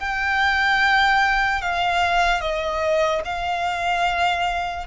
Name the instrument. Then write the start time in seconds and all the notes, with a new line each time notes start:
violin
0.00 G5
1.62 F5
2.41 D#5
3.25 F5